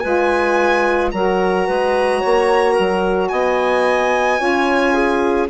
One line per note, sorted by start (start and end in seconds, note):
0.00 1.13 G#3
0.00 1.12 F4
0.00 1.11 B4
0.00 1.09 G#5
1.11 1.67 F#3
1.11 4.38 F#4
1.11 1.67 A#4
1.11 3.28 A#5
1.67 2.23 G#3
1.67 2.20 B4
2.20 2.79 A#3
2.20 2.73 C#5
2.73 3.31 F#3
2.73 3.27 A#4
3.28 4.40 B3
3.28 4.40 D#5
3.28 5.47 G#5
4.38 5.49 C#4
4.38 5.47 F4
4.38 4.93 C#5
4.93 5.48 G#4